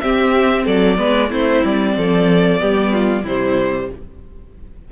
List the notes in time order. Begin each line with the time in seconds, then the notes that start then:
0.00 C4 G4 E5
0.65 F#3 A4 D5
0.97 G#3 B3 B4
1.30 A3 C4 E4 C5
1.65 G3 D5
1.97 F3 A4
2.58 G3 B3 G4
2.93 F4
3.24 C3 G3 E4 C5